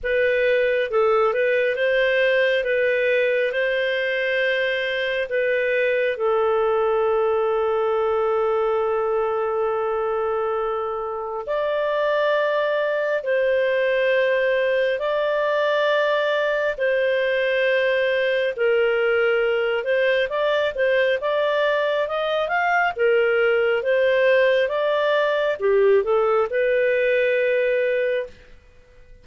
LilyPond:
\new Staff \with { instrumentName = "clarinet" } { \time 4/4 \tempo 4 = 68 b'4 a'8 b'8 c''4 b'4 | c''2 b'4 a'4~ | a'1~ | a'4 d''2 c''4~ |
c''4 d''2 c''4~ | c''4 ais'4. c''8 d''8 c''8 | d''4 dis''8 f''8 ais'4 c''4 | d''4 g'8 a'8 b'2 | }